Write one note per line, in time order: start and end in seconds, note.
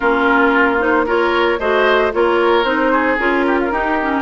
0.00 1.59 A#3
0.00 0.79 C#4
0.00 1.05 F4
0.00 0.79 A#4
0.79 1.06 D#4
0.79 1.07 C5
1.06 1.59 F4
1.06 1.59 A#4
1.06 1.59 C#5
1.59 2.12 A3
1.59 2.12 F#4
1.59 2.12 C5
1.59 2.12 D#5
2.12 2.64 A#3
2.12 2.64 F4
2.12 2.92 A#4
2.12 2.64 C#5
2.64 3.17 C4
2.64 3.18 D#4
2.64 3.17 C5
2.92 3.45 G#4
3.18 3.71 C#4
3.18 3.71 F4
3.18 4.22 A#4
3.46 3.59 G4
3.59 3.72 F4
3.71 4.22 D#4
3.71 3.98 D#4
3.71 4.22 G4
4.01 4.22 C#4